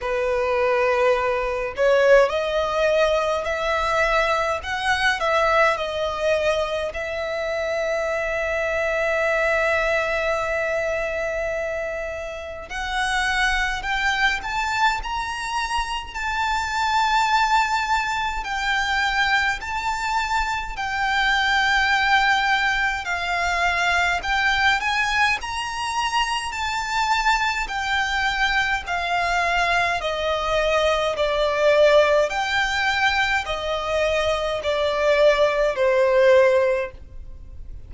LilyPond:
\new Staff \with { instrumentName = "violin" } { \time 4/4 \tempo 4 = 52 b'4. cis''8 dis''4 e''4 | fis''8 e''8 dis''4 e''2~ | e''2. fis''4 | g''8 a''8 ais''4 a''2 |
g''4 a''4 g''2 | f''4 g''8 gis''8 ais''4 a''4 | g''4 f''4 dis''4 d''4 | g''4 dis''4 d''4 c''4 | }